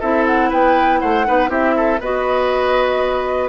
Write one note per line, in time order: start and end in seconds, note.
0.00 0.52 C4
0.00 1.26 E4
0.00 0.50 A4
0.00 0.26 E5
0.26 0.51 F#5
0.50 1.03 B3
0.50 1.00 B4
0.50 1.00 G5
1.00 1.28 A3
1.00 1.27 C5
1.00 1.50 F#5
1.26 1.50 B3
1.26 1.48 D#4
1.26 1.50 B4
1.48 2.00 C4
1.48 1.98 E4
1.48 1.75 G4
1.48 2.01 E5
1.77 2.01 A4
2.01 3.49 B3
2.01 3.49 F#4
2.01 3.49 B4
2.01 3.49 D#5